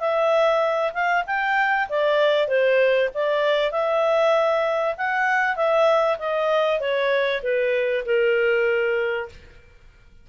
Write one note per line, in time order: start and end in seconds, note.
0.00 0.93 E5
0.94 1.25 F5
1.27 1.89 G5
1.89 2.48 D5
2.48 3.10 C5
3.15 3.72 D5
3.72 4.95 E5
4.97 5.56 F#5
5.56 6.18 E5
6.19 6.80 D#5
6.80 7.42 C#5
7.43 8.05 B4
8.06 9.29 A#4